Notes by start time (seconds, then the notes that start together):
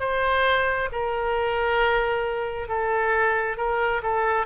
0.00 C5
0.92 A#4
2.69 A4
3.57 A#4
4.03 A4